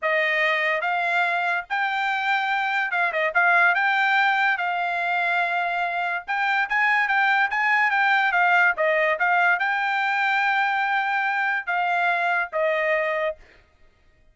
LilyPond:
\new Staff \with { instrumentName = "trumpet" } { \time 4/4 \tempo 4 = 144 dis''2 f''2 | g''2. f''8 dis''8 | f''4 g''2 f''4~ | f''2. g''4 |
gis''4 g''4 gis''4 g''4 | f''4 dis''4 f''4 g''4~ | g''1 | f''2 dis''2 | }